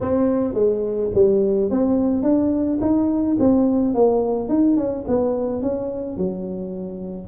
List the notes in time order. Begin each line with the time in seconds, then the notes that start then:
0.00 C4
0.54 G#3
1.14 G3
1.70 C4
2.23 D4
2.81 D#4
3.39 C4
3.94 A#3
4.48 D#4
4.77 C#4
5.07 B3
5.62 C#4
6.17 F#3